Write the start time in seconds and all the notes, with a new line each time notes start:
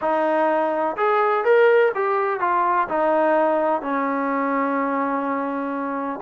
0.01 D#4
0.97 G#4
1.44 A#4
1.94 G4
2.40 F4
2.88 D#4
3.81 C#4